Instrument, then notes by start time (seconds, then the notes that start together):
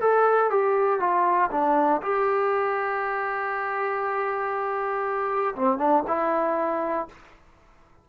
trombone
0.00 A4
0.50 G4
0.99 F4
1.51 D4
2.02 G4
5.55 C4
5.78 D4
6.07 E4